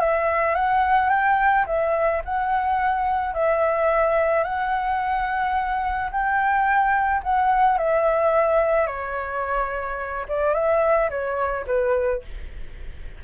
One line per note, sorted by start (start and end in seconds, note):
0.00 0.55 E5
0.55 1.10 F#5
1.10 1.65 G5
1.67 2.22 E5
2.25 3.34 F#5
3.34 4.44 E5
4.44 6.10 F#5
6.11 7.22 G5
7.23 7.78 F#5
7.78 8.87 E5
8.87 10.26 C#5
10.28 10.54 D5
10.54 11.10 E5
11.10 11.66 C#5
11.67 12.22 B4